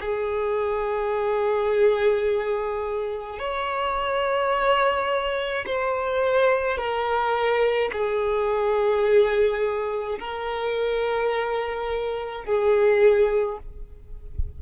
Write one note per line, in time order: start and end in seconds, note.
0.00 3.39 G#4
3.39 5.65 C#5
5.66 6.77 C5
6.77 7.90 A#4
7.92 10.19 G#4
10.19 12.45 A#4
12.45 13.58 G#4